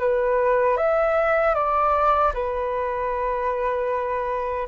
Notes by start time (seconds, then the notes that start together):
0.00 B4
0.77 E5
1.55 D5
2.34 B4